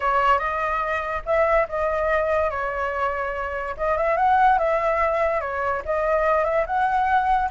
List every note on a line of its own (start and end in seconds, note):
0.00 0.39 C#5
0.39 1.22 D#5
1.25 1.67 E5
1.68 2.50 D#5
2.50 3.75 C#5
3.77 3.97 D#5
3.97 4.17 E5
4.17 4.58 F#5
4.58 5.40 E5
5.40 5.82 C#5
5.85 6.44 D#5
6.44 6.65 E5
6.66 7.49 F#5